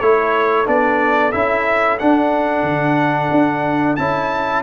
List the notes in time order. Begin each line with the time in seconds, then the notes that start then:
0.00 A3 E4 A4 C#5
0.65 B3 D4 D5
1.32 C#4 E4 E5
1.99 D4 F#5
2.63 D3
3.31 D4
3.96 C#4 E4 A5